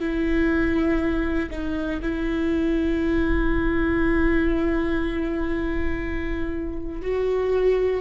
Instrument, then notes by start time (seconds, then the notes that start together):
viola
0.00 E4
1.51 D#4
2.03 E4
7.02 F#4